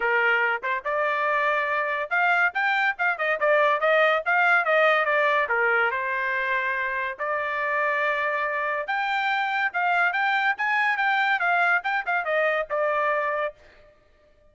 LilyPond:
\new Staff \with { instrumentName = "trumpet" } { \time 4/4 \tempo 4 = 142 ais'4. c''8 d''2~ | d''4 f''4 g''4 f''8 dis''8 | d''4 dis''4 f''4 dis''4 | d''4 ais'4 c''2~ |
c''4 d''2.~ | d''4 g''2 f''4 | g''4 gis''4 g''4 f''4 | g''8 f''8 dis''4 d''2 | }